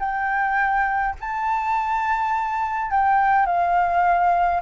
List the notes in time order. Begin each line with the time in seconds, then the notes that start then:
0.00 G5
1.21 A5
2.91 G5
3.47 F5